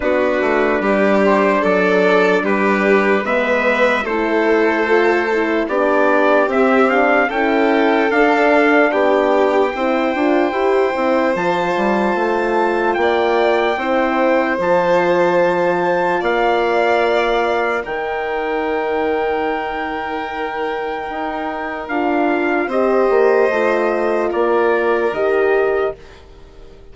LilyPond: <<
  \new Staff \with { instrumentName = "trumpet" } { \time 4/4 \tempo 4 = 74 b'4. c''8 d''4 b'4 | e''4 c''2 d''4 | e''8 f''8 g''4 f''4 g''4~ | g''2 a''2 |
g''2 a''2 | f''2 g''2~ | g''2. f''4 | dis''2 d''4 dis''4 | }
  \new Staff \with { instrumentName = "violin" } { \time 4/4 fis'4 g'4 a'4 g'4 | b'4 a'2 g'4~ | g'4 a'2 g'4 | c''1 |
d''4 c''2. | d''2 ais'2~ | ais'1 | c''2 ais'2 | }
  \new Staff \with { instrumentName = "horn" } { \time 4/4 d'1 | b4 e'4 f'8 e'8 d'4 | c'8 d'8 e'4 d'2 | e'8 f'8 g'8 e'8 f'2~ |
f'4 e'4 f'2~ | f'2 dis'2~ | dis'2. f'4 | g'4 f'2 g'4 | }
  \new Staff \with { instrumentName = "bassoon" } { \time 4/4 b8 a8 g4 fis4 g4 | gis4 a2 b4 | c'4 cis'4 d'4 b4 | c'8 d'8 e'8 c'8 f8 g8 a4 |
ais4 c'4 f2 | ais2 dis2~ | dis2 dis'4 d'4 | c'8 ais8 a4 ais4 dis4 | }
>>